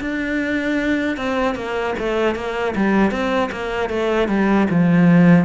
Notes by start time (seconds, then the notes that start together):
0.00 D4
1.17 C4
1.55 A#3
1.98 A3
2.35 A#3
2.75 G3
3.11 C4
3.51 A#3
3.89 A3
4.28 G3
4.69 F3